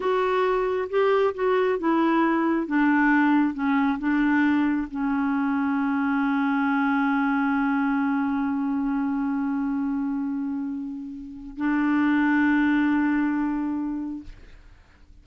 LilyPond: \new Staff \with { instrumentName = "clarinet" } { \time 4/4 \tempo 4 = 135 fis'2 g'4 fis'4 | e'2 d'2 | cis'4 d'2 cis'4~ | cis'1~ |
cis'1~ | cis'1~ | cis'2 d'2~ | d'1 | }